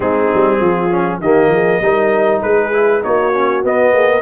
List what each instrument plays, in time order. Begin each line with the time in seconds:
0.00 tuba G#3, trombone C4, horn D#4, trumpet G#4
0.34 tuba G3
0.60 tuba F3, horn F4
0.90 trombone C#4
1.20 tuba D#3, trombone A#3, horn G4, trumpet D#5
1.49 tuba F3, horn G#4
1.81 tuba G3, trombone D#4, horn A#4
2.41 tuba G#3, horn G#4, trumpet B4
2.72 trombone E4
3.02 tuba A#3, trombone D#4, horn F#4, trumpet C#5
3.33 trombone C#4
3.63 trombone B3, tuba B3, trumpet D#5
3.93 tuba A#3, horn G#4
4.08 horn A#4